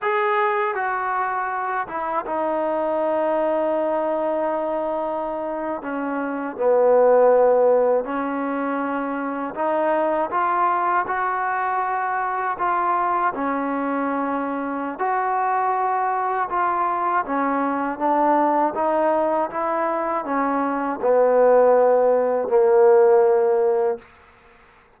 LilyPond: \new Staff \with { instrumentName = "trombone" } { \time 4/4 \tempo 4 = 80 gis'4 fis'4. e'8 dis'4~ | dis'2.~ dis'8. cis'16~ | cis'8. b2 cis'4~ cis'16~ | cis'8. dis'4 f'4 fis'4~ fis'16~ |
fis'8. f'4 cis'2~ cis'16 | fis'2 f'4 cis'4 | d'4 dis'4 e'4 cis'4 | b2 ais2 | }